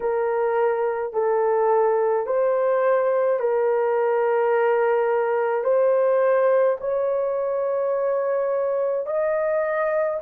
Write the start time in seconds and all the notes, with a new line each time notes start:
0.00 A#4
1.13 A4
2.26 C5
3.39 A#4
5.63 C5
6.80 C#5
9.06 D#5